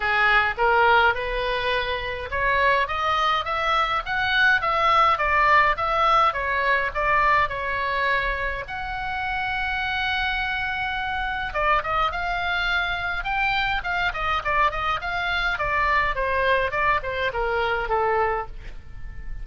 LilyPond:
\new Staff \with { instrumentName = "oboe" } { \time 4/4 \tempo 4 = 104 gis'4 ais'4 b'2 | cis''4 dis''4 e''4 fis''4 | e''4 d''4 e''4 cis''4 | d''4 cis''2 fis''4~ |
fis''1 | d''8 dis''8 f''2 g''4 | f''8 dis''8 d''8 dis''8 f''4 d''4 | c''4 d''8 c''8 ais'4 a'4 | }